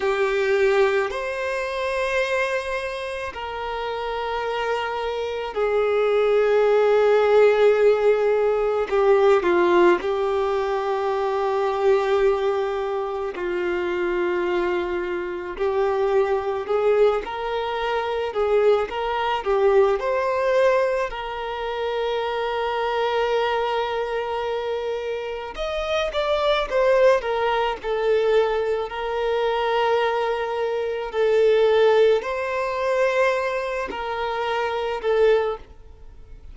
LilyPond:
\new Staff \with { instrumentName = "violin" } { \time 4/4 \tempo 4 = 54 g'4 c''2 ais'4~ | ais'4 gis'2. | g'8 f'8 g'2. | f'2 g'4 gis'8 ais'8~ |
ais'8 gis'8 ais'8 g'8 c''4 ais'4~ | ais'2. dis''8 d''8 | c''8 ais'8 a'4 ais'2 | a'4 c''4. ais'4 a'8 | }